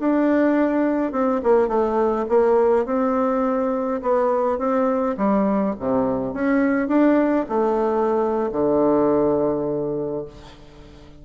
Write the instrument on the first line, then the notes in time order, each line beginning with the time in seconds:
bassoon
0.00 D4
1.12 C4
1.43 A#3
1.68 A3
2.29 A#3
2.86 C4
4.02 B3
4.59 C4
5.17 G3
5.80 C3
6.34 C#4
6.88 D4
7.49 A3
8.52 D3